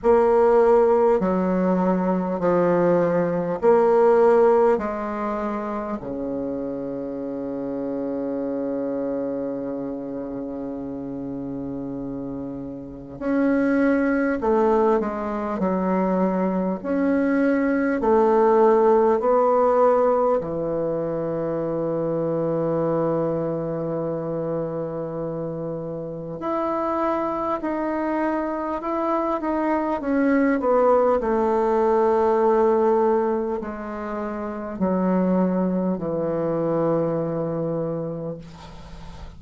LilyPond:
\new Staff \with { instrumentName = "bassoon" } { \time 4/4 \tempo 4 = 50 ais4 fis4 f4 ais4 | gis4 cis2.~ | cis2. cis'4 | a8 gis8 fis4 cis'4 a4 |
b4 e2.~ | e2 e'4 dis'4 | e'8 dis'8 cis'8 b8 a2 | gis4 fis4 e2 | }